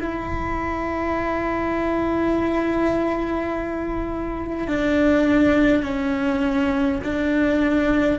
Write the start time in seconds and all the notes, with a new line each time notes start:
0.00 E4
4.68 D4
5.83 C#4
7.04 D4